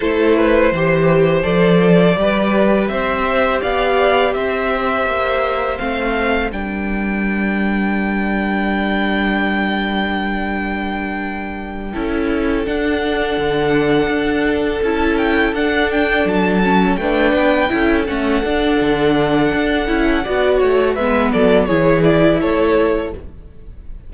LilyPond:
<<
  \new Staff \with { instrumentName = "violin" } { \time 4/4 \tempo 4 = 83 c''2 d''2 | e''4 f''4 e''2 | f''4 g''2.~ | g''1~ |
g''4. fis''2~ fis''8~ | fis''8 a''8 g''8 fis''8 g''8 a''4 g''8~ | g''4 fis''2.~ | fis''4 e''8 d''8 cis''8 d''8 cis''4 | }
  \new Staff \with { instrumentName = "violin" } { \time 4/4 a'8 b'8 c''2 b'4 | c''4 d''4 c''2~ | c''4 ais'2.~ | ais'1~ |
ais'8 a'2.~ a'8~ | a'2.~ a'8 b'8~ | b'8 a'2.~ a'8 | d''8 cis''8 b'8 a'8 gis'4 a'4 | }
  \new Staff \with { instrumentName = "viola" } { \time 4/4 e'4 g'4 a'4 g'4~ | g'1 | c'4 d'2.~ | d'1~ |
d'8 e'4 d'2~ d'8~ | d'8 e'4 d'4. cis'8 d'8~ | d'8 e'8 cis'8 d'2 e'8 | fis'4 b4 e'2 | }
  \new Staff \with { instrumentName = "cello" } { \time 4/4 a4 e4 f4 g4 | c'4 b4 c'4 ais4 | a4 g2.~ | g1~ |
g8 cis'4 d'4 d4 d'8~ | d'8 cis'4 d'4 fis4 a8 | b8 cis'8 a8 d'8 d4 d'8 cis'8 | b8 a8 gis8 fis8 e4 a4 | }
>>